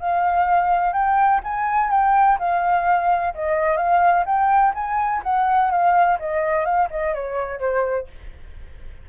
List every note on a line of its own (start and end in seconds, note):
0.00 0.93 F5
0.93 1.41 G5
1.44 1.91 G#5
1.91 2.39 G5
2.39 3.34 F5
3.35 3.77 D#5
3.77 4.25 F5
4.26 4.74 G5
4.75 5.23 G#5
5.24 5.71 F#5
5.71 6.19 F5
6.20 6.66 D#5
6.66 6.89 F5
6.91 7.14 D#5
7.14 7.60 C#5
7.60 8.08 C5